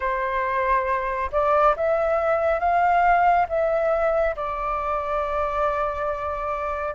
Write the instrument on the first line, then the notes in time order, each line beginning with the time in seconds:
flute
0.00 C5
1.32 D5
1.76 E5
2.59 F5
3.48 E5
4.36 D5